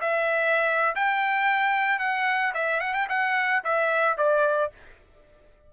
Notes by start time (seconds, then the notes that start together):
0.00 E5
0.95 G5
1.99 F#5
2.54 E5
2.80 F#5
2.93 G5
3.09 F#5
3.64 E5
4.17 D5